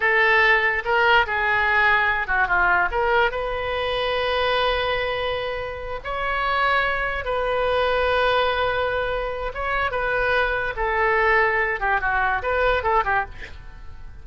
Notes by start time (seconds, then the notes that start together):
0.00 A4
0.84 A#4
1.26 G#4
2.27 F#4
2.47 F4
2.91 A#4
3.31 B4
6.04 C#5
7.25 B4
9.53 C#5
9.91 B4
10.76 A4
11.80 G4
12.00 F#4
12.42 B4
12.83 A4
13.04 G4